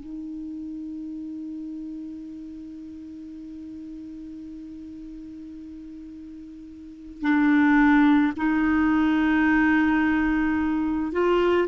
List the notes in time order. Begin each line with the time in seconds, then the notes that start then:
0.00 D#4
7.21 D4
8.36 D#4
11.12 F4